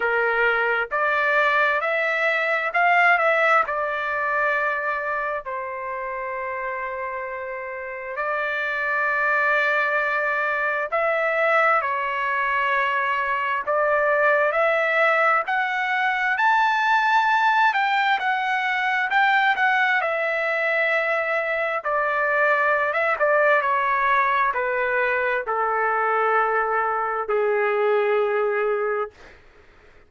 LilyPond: \new Staff \with { instrumentName = "trumpet" } { \time 4/4 \tempo 4 = 66 ais'4 d''4 e''4 f''8 e''8 | d''2 c''2~ | c''4 d''2. | e''4 cis''2 d''4 |
e''4 fis''4 a''4. g''8 | fis''4 g''8 fis''8 e''2 | d''4~ d''16 e''16 d''8 cis''4 b'4 | a'2 gis'2 | }